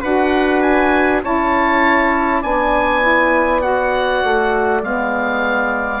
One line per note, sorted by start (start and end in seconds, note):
0.00 1.23 D4
0.00 1.22 F#4
0.00 1.20 B4
0.00 0.61 F#5
0.61 1.22 G#5
1.23 2.43 C#4
1.23 2.43 E4
1.23 2.40 C#5
1.23 2.42 A5
2.40 4.23 B3
2.40 3.01 D4
2.40 6.00 D5
2.40 3.61 G#5
3.01 3.60 E4
3.60 4.80 F#4
3.60 4.81 F#5
4.23 4.82 A3
4.82 6.00 G#3
4.82 6.00 B3
4.82 6.00 F5